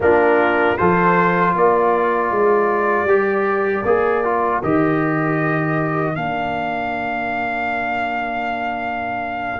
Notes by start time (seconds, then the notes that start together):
0.00 A#3 D4 F4 A#4
0.77 F3 F4 A4 C5
1.55 A#3 A#4 D5
2.31 G#3
3.04 G3 G4
3.84 A#3 G#4
4.24 F4
4.62 D#3 G4 D#5
6.14 A#3 D4 F5